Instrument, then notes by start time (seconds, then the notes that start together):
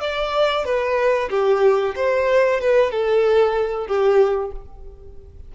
violin
0.00 D5
0.65 B4
1.30 G4
1.96 C5
2.60 B4
2.91 A4
3.87 G4